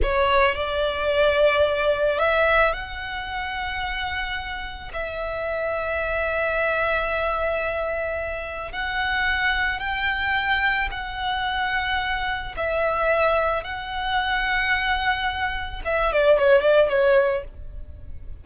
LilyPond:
\new Staff \with { instrumentName = "violin" } { \time 4/4 \tempo 4 = 110 cis''4 d''2. | e''4 fis''2.~ | fis''4 e''2.~ | e''1 |
fis''2 g''2 | fis''2. e''4~ | e''4 fis''2.~ | fis''4 e''8 d''8 cis''8 d''8 cis''4 | }